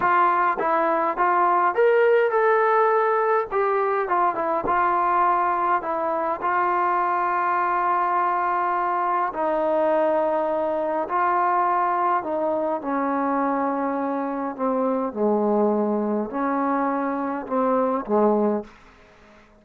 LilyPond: \new Staff \with { instrumentName = "trombone" } { \time 4/4 \tempo 4 = 103 f'4 e'4 f'4 ais'4 | a'2 g'4 f'8 e'8 | f'2 e'4 f'4~ | f'1 |
dis'2. f'4~ | f'4 dis'4 cis'2~ | cis'4 c'4 gis2 | cis'2 c'4 gis4 | }